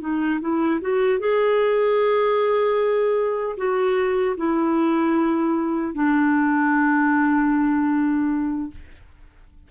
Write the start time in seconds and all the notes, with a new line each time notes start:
0.00 D#4
0.41 E4
0.81 F#4
1.19 G#4
3.57 F#4
4.37 E4
5.94 D4